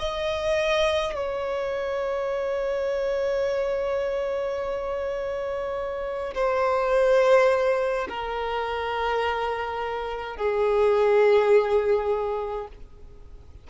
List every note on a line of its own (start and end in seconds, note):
0.00 1.15 D#5
1.15 6.35 C#5
6.35 8.08 C5
8.09 10.37 A#4
10.37 12.68 G#4